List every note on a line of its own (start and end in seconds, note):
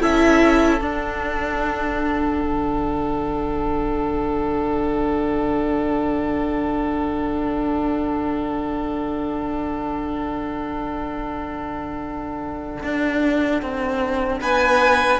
0.00 0.81 C#4
0.00 0.80 E4
0.00 14.40 A4
0.00 0.82 E5
0.81 2.41 D4
0.81 15.20 D4
0.81 14.42 F#5
2.41 12.81 D3
12.83 13.62 D4
13.62 14.41 C4
14.41 15.20 B3
14.41 15.20 B4
14.41 15.20 G#5